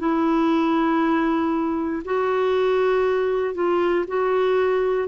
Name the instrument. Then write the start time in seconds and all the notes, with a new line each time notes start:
clarinet
0.00 E4
2.05 F#4
3.55 F4
4.08 F#4